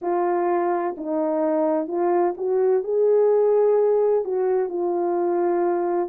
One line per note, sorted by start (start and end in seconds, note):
0.01 0.95 F4
0.97 1.87 D#4
1.87 2.34 F4
2.37 2.83 F#4
2.83 4.24 G#4
4.24 4.69 F#4
4.69 6.09 F4